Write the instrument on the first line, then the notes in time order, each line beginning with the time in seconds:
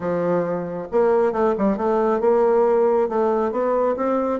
bassoon
0.00 F3
0.91 A#3
1.32 A3
1.57 G3
1.77 A3
2.20 A#3
3.08 A3
3.51 B3
3.96 C4